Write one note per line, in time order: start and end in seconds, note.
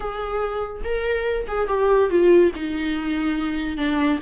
0.00 0.82 G#4
0.84 1.47 A#4
1.47 1.68 G#4
1.68 2.10 G4
2.10 2.52 F4
2.55 3.77 D#4
3.77 4.19 D4